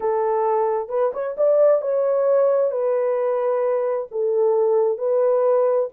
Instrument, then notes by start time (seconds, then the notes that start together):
horn
0.00 A4
0.88 B4
1.13 C#5
1.37 D5
1.81 C#5
2.71 B4
4.11 A4
4.98 B4